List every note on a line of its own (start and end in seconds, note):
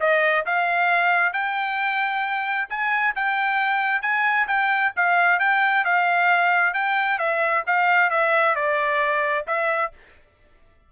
0.00 0.45 D#5
0.46 1.33 F5
1.33 2.68 G5
2.69 3.14 G#5
3.15 4.02 G5
4.02 4.47 G#5
4.47 4.92 G5
4.96 5.40 F5
5.40 5.84 G5
5.84 6.74 F5
6.74 7.18 G5
7.18 7.63 E5
7.67 8.10 F5
8.10 8.55 E5
8.55 9.45 D5
9.47 9.92 E5